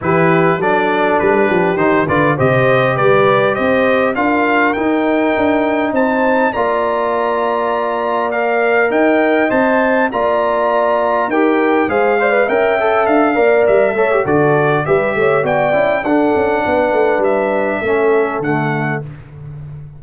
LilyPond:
<<
  \new Staff \with { instrumentName = "trumpet" } { \time 4/4 \tempo 4 = 101 b'4 d''4 b'4 c''8 d''8 | dis''4 d''4 dis''4 f''4 | g''2 a''4 ais''4~ | ais''2 f''4 g''4 |
a''4 ais''2 g''4 | f''4 g''4 f''4 e''4 | d''4 e''4 g''4 fis''4~ | fis''4 e''2 fis''4 | }
  \new Staff \with { instrumentName = "horn" } { \time 4/4 g'4 a'4. g'4 b'8 | c''4 b'4 c''4 ais'4~ | ais'2 c''4 d''4~ | d''2. dis''4~ |
dis''4 d''2 ais'4 | c''8 d''8 e''4. d''4 cis''8 | a'4 b'8 cis''8 d''4 a'4 | b'2 a'2 | }
  \new Staff \with { instrumentName = "trombone" } { \time 4/4 e'4 d'2 dis'8 f'8 | g'2. f'4 | dis'2. f'4~ | f'2 ais'2 |
c''4 f'2 g'4 | gis'8 c''16 b'16 ais'8 a'4 ais'4 a'16 g'16 | fis'4 g'4 fis'8 e'8 d'4~ | d'2 cis'4 a4 | }
  \new Staff \with { instrumentName = "tuba" } { \time 4/4 e4 fis4 g8 f8 dis8 d8 | c4 g4 c'4 d'4 | dis'4 d'4 c'4 ais4~ | ais2. dis'4 |
c'4 ais2 dis'4 | gis4 cis'4 d'8 ais8 g8 a8 | d4 g8 a8 b8 cis'8 d'8 cis'8 | b8 a8 g4 a4 d4 | }
>>